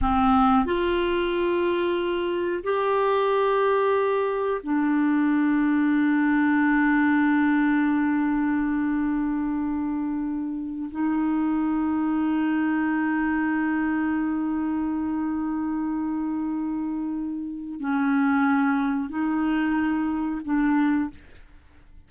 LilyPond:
\new Staff \with { instrumentName = "clarinet" } { \time 4/4 \tempo 4 = 91 c'4 f'2. | g'2. d'4~ | d'1~ | d'1~ |
d'8 dis'2.~ dis'8~ | dis'1~ | dis'2. cis'4~ | cis'4 dis'2 d'4 | }